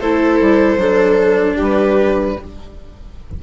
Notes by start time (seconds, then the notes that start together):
0.00 A3 E4 A4 C5
0.41 G3
0.76 F#3 D4 A4
1.56 G3 G4
1.63 B4